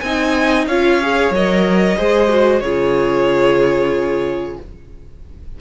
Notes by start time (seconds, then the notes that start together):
0.00 C4 D#4 D#5 G#5
0.67 C#4 F4 C#5 F5
1.02 G#4
1.30 F#3 A#4 D#5
1.97 G#3 G#4 C5
2.29 F#4
2.60 C#3 F4 G#4 C#5